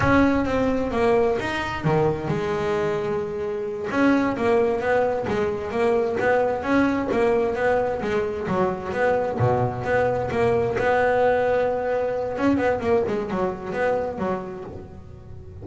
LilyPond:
\new Staff \with { instrumentName = "double bass" } { \time 4/4 \tempo 4 = 131 cis'4 c'4 ais4 dis'4 | dis4 gis2.~ | gis8 cis'4 ais4 b4 gis8~ | gis8 ais4 b4 cis'4 ais8~ |
ais8 b4 gis4 fis4 b8~ | b8 b,4 b4 ais4 b8~ | b2. cis'8 b8 | ais8 gis8 fis4 b4 fis4 | }